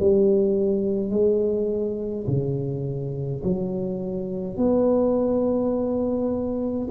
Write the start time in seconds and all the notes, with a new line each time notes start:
0.00 G3
1.11 G#3
2.27 C#3
3.44 F#3
4.57 B3